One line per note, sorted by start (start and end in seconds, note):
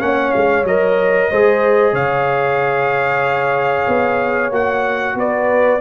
0.00 0.33 A#3
0.00 0.65 C#4
0.00 1.31 C#5
0.00 0.32 F#5
0.32 0.63 G#3
0.32 0.64 F5
0.63 1.28 F#3
0.63 1.32 A#4
0.63 1.95 D#5
1.31 1.93 G#3
1.31 4.52 G#4
1.31 1.93 C5
1.93 3.86 C#3
1.93 5.15 C#5
1.93 4.53 F5
3.88 4.51 B3
4.51 5.15 A#3
4.51 5.80 F#4
4.51 5.18 F#5
5.15 5.79 B3
5.15 5.80 B4
5.15 5.80 D5